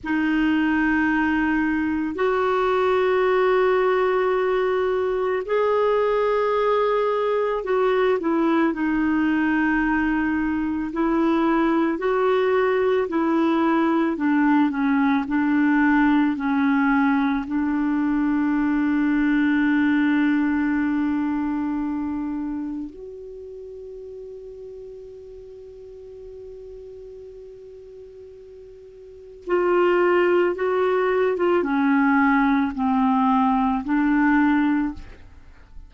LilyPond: \new Staff \with { instrumentName = "clarinet" } { \time 4/4 \tempo 4 = 55 dis'2 fis'2~ | fis'4 gis'2 fis'8 e'8 | dis'2 e'4 fis'4 | e'4 d'8 cis'8 d'4 cis'4 |
d'1~ | d'4 fis'2.~ | fis'2. f'4 | fis'8. f'16 cis'4 c'4 d'4 | }